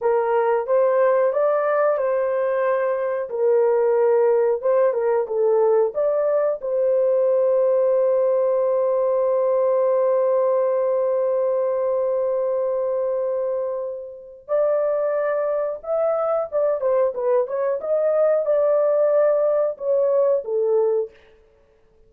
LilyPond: \new Staff \with { instrumentName = "horn" } { \time 4/4 \tempo 4 = 91 ais'4 c''4 d''4 c''4~ | c''4 ais'2 c''8 ais'8 | a'4 d''4 c''2~ | c''1~ |
c''1~ | c''2 d''2 | e''4 d''8 c''8 b'8 cis''8 dis''4 | d''2 cis''4 a'4 | }